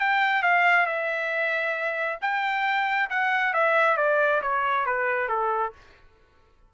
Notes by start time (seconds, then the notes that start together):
0.00 G5
0.43 F5
0.86 E5
2.21 G5
3.10 F#5
3.54 E5
3.97 D5
4.42 C#5
4.86 B4
5.29 A4